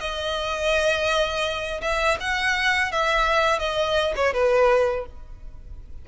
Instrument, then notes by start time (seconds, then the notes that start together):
violin
0.00 D#5
1.81 E5
2.20 F#5
2.91 E5
3.59 D#5
4.16 C#5
4.33 B4